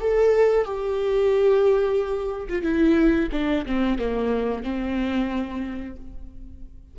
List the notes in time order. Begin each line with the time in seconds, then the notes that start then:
0.00 A4
0.65 G4
2.48 F4
2.62 E4
3.32 D4
3.66 C4
3.98 A#3
4.63 C4